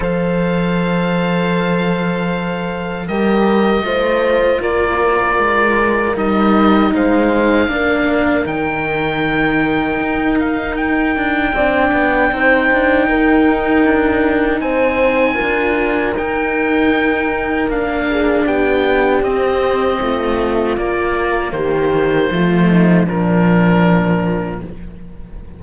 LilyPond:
<<
  \new Staff \with { instrumentName = "oboe" } { \time 4/4 \tempo 4 = 78 f''1 | dis''2 d''2 | dis''4 f''2 g''4~ | g''4. f''8 g''2~ |
g''2. gis''4~ | gis''4 g''2 f''4 | g''4 dis''2 d''4 | c''2 ais'2 | }
  \new Staff \with { instrumentName = "horn" } { \time 4/4 c''1 | ais'4 c''4 ais'2~ | ais'4 c''4 ais'2~ | ais'2. d''4 |
c''4 ais'2 c''4 | ais'2.~ ais'8 gis'8 | g'2 f'2 | g'4 f'8 dis'8 d'2 | }
  \new Staff \with { instrumentName = "cello" } { \time 4/4 a'1 | g'4 f'2. | dis'2 d'4 dis'4~ | dis'2. d'4 |
dis'1 | f'4 dis'2 d'4~ | d'4 c'2 ais4~ | ais4 a4 f2 | }
  \new Staff \with { instrumentName = "cello" } { \time 4/4 f1 | g4 a4 ais4 gis4 | g4 gis4 ais4 dis4~ | dis4 dis'4. d'8 c'8 b8 |
c'8 d'8 dis'4 d'4 c'4 | d'4 dis'2 ais4 | b4 c'4 a4 ais4 | dis4 f4 ais,2 | }
>>